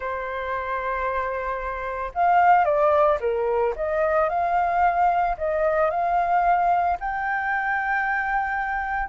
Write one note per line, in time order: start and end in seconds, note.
0.00 2.11 C5
2.14 2.64 F5
2.64 3.18 D5
3.20 3.74 A#4
3.75 4.29 D#5
4.29 5.36 F5
5.37 5.90 D#5
5.90 6.97 F5
6.99 9.09 G5